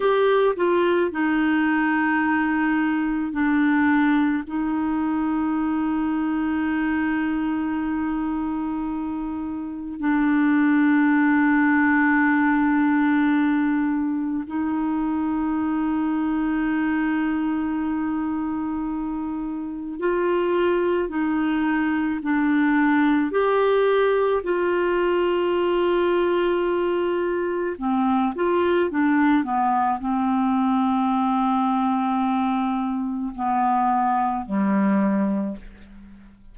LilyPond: \new Staff \with { instrumentName = "clarinet" } { \time 4/4 \tempo 4 = 54 g'8 f'8 dis'2 d'4 | dis'1~ | dis'4 d'2.~ | d'4 dis'2.~ |
dis'2 f'4 dis'4 | d'4 g'4 f'2~ | f'4 c'8 f'8 d'8 b8 c'4~ | c'2 b4 g4 | }